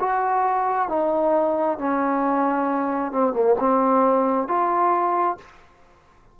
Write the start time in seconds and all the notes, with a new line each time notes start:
0.00 F#4
0.89 D#4
1.79 C#4
3.12 C4
3.33 A#3
3.60 C4
4.48 F4